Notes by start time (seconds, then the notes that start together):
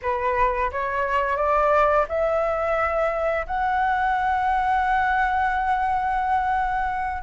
0.02 B4
0.71 C#5
1.36 D5
2.08 E5
3.47 F#5